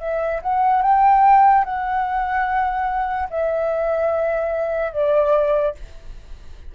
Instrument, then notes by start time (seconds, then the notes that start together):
flute
0.00 E5
0.42 F#5
0.83 G5
1.65 F#5
3.30 E5
4.93 D5